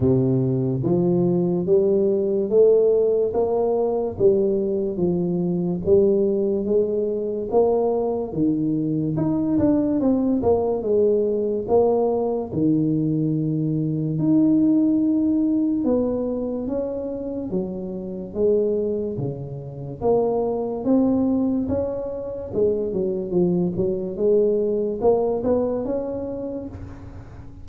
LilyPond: \new Staff \with { instrumentName = "tuba" } { \time 4/4 \tempo 4 = 72 c4 f4 g4 a4 | ais4 g4 f4 g4 | gis4 ais4 dis4 dis'8 d'8 | c'8 ais8 gis4 ais4 dis4~ |
dis4 dis'2 b4 | cis'4 fis4 gis4 cis4 | ais4 c'4 cis'4 gis8 fis8 | f8 fis8 gis4 ais8 b8 cis'4 | }